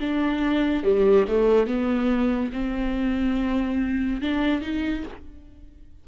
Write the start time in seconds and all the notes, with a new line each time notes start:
0.00 D4
0.83 G3
1.28 A3
1.66 B3
2.52 C4
4.21 D4
4.61 D#4